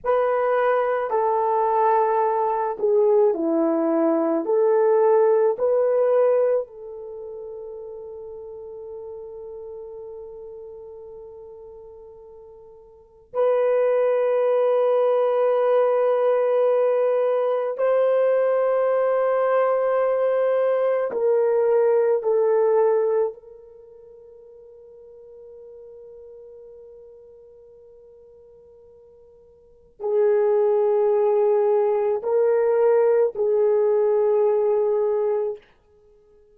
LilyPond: \new Staff \with { instrumentName = "horn" } { \time 4/4 \tempo 4 = 54 b'4 a'4. gis'8 e'4 | a'4 b'4 a'2~ | a'1 | b'1 |
c''2. ais'4 | a'4 ais'2.~ | ais'2. gis'4~ | gis'4 ais'4 gis'2 | }